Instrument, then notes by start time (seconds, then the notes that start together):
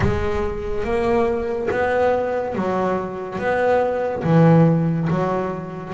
double bass
0.00 G#3
0.83 A#3
1.71 B3
2.55 F#3
3.38 B3
4.23 E3
5.09 F#3